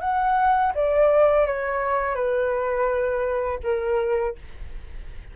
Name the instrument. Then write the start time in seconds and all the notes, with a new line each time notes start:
flute
0.00 F#5
0.74 D5
1.47 C#5
2.15 B4
3.63 A#4